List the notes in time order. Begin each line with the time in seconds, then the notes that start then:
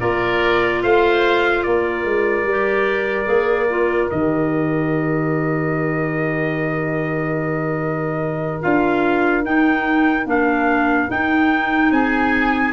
0.00 A#3 F4 A#4 D5
0.83 A3 C5 F5
1.63 A#3 A#4 D5
2.05 G#3
2.44 G3 G4
3.25 A#3 G#4
3.70 F4
4.10 D#3 G4 D#5
8.62 D4 F4 F5
9.45 D#4 G5
10.26 A#3 D4 F5
11.09 D#4 G5
11.91 C4 G#4 G#5